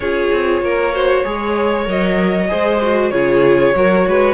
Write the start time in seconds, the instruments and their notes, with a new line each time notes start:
0.00 cello C#4, viola F4, violin G#4 C#5
0.32 cello C4
0.62 cello A#3, violin A#4
0.93 viola F#4, violin C5
1.24 cello G#3, viola G#4, violin C#5
1.85 cello F#3, viola A#4, violin D#5
2.48 cello G#3, viola G#4, violin C5
2.82 viola F#4
3.10 cello C#3, viola F4, violin G#4 C#5
3.74 cello F#3, viola F#4, violin A#4
4.07 cello G#3, violin B4